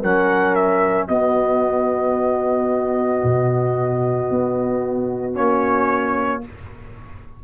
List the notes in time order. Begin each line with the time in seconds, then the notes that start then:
0.00 F#3 C#4 A#4 F#5
0.55 E5
1.07 B3 F#4 D#5
3.23 B2
4.30 B3
5.34 A#3 C#4 C#5